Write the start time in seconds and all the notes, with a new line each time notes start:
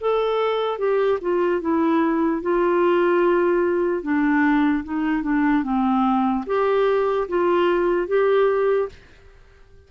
0.00 A4
0.78 G4
1.21 F4
1.61 E4
2.41 F4
4.02 D4
4.84 D#4
5.22 D4
5.63 C4
6.46 G4
7.28 F4
8.07 G4